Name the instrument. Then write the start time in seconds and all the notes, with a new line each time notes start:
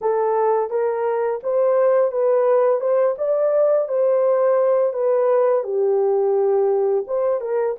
horn
0.01 A4
0.70 A#4
1.43 C5
2.11 B4
2.80 C5
3.18 D5
3.88 C5
4.93 B4
5.63 G4
7.07 C5
7.41 A#4